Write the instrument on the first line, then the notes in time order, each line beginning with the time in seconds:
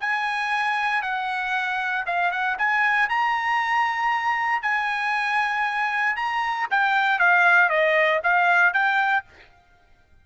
trumpet
0.00 G#5
1.02 F#5
2.07 F5
2.31 F#5
2.58 G#5
3.09 A#5
4.62 G#5
6.16 A#5
6.71 G5
7.19 F5
7.69 D#5
8.23 F5
8.73 G5